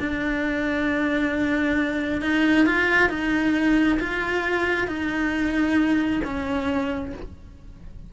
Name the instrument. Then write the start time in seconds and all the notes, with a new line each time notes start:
cello
0.00 D4
2.22 D#4
2.67 F4
3.10 D#4
4.00 F4
4.88 D#4
6.24 C#4